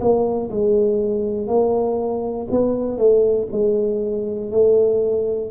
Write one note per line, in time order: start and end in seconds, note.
0.00 0.50 A#3
0.50 1.47 G#3
1.47 2.47 A#3
2.50 2.97 B3
2.97 3.47 A3
3.51 4.51 G#3
4.51 5.51 A3